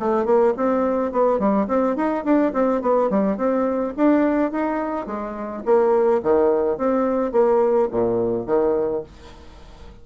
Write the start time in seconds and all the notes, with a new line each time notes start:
0.00 A3
0.25 A#3
0.57 C4
1.12 B3
1.39 G3
1.68 C4
1.96 D#4
2.25 D4
2.53 C4
2.82 B3
3.11 G3
3.38 C4
3.98 D4
4.52 D#4
5.07 G#3
5.66 A#3
6.23 D#3
6.78 C4
7.33 A#3
7.92 A#2
8.47 D#3